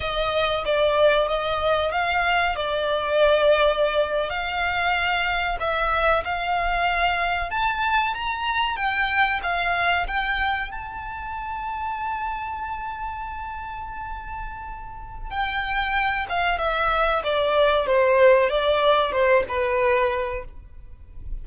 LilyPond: \new Staff \with { instrumentName = "violin" } { \time 4/4 \tempo 4 = 94 dis''4 d''4 dis''4 f''4 | d''2~ d''8. f''4~ f''16~ | f''8. e''4 f''2 a''16~ | a''8. ais''4 g''4 f''4 g''16~ |
g''8. a''2.~ a''16~ | a''1 | g''4. f''8 e''4 d''4 | c''4 d''4 c''8 b'4. | }